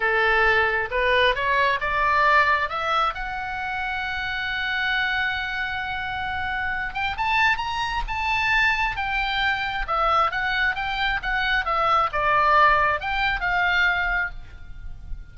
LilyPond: \new Staff \with { instrumentName = "oboe" } { \time 4/4 \tempo 4 = 134 a'2 b'4 cis''4 | d''2 e''4 fis''4~ | fis''1~ | fis''2.~ fis''8 g''8 |
a''4 ais''4 a''2 | g''2 e''4 fis''4 | g''4 fis''4 e''4 d''4~ | d''4 g''4 f''2 | }